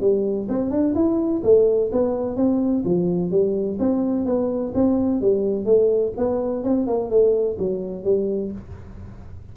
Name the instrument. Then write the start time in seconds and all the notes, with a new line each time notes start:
tuba
0.00 G3
0.48 C4
0.70 D4
0.94 E4
1.43 A3
1.92 B3
2.36 C4
2.84 F3
3.30 G3
3.79 C4
4.25 B3
4.74 C4
5.21 G3
5.65 A3
6.17 B3
6.63 C4
6.87 A#3
7.10 A3
7.58 F#3
8.04 G3